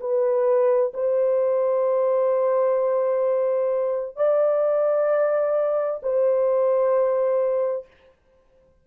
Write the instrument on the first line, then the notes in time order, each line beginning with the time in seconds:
horn
0.00 B4
0.94 C5
4.16 D5
6.03 C5